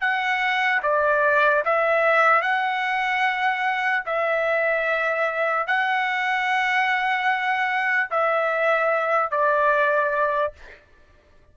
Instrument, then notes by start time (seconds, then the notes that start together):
trumpet
0.00 F#5
0.83 D5
1.65 E5
2.41 F#5
4.05 E5
5.67 F#5
8.10 E5
9.31 D5